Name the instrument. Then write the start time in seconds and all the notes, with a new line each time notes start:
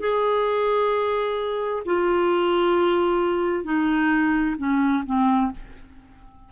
clarinet
0.00 G#4
1.85 F4
3.64 D#4
4.58 C#4
5.06 C4